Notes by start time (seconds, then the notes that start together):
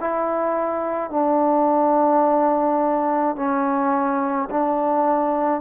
0.00 E4
1.10 D4
3.36 C#4
4.50 D4